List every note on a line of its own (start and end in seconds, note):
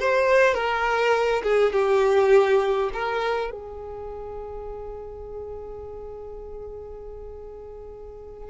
0.00 0.55 C5
0.55 1.43 A#4
1.44 1.73 G#4
1.73 2.90 G4
2.94 3.52 A#4
3.52 8.50 G#4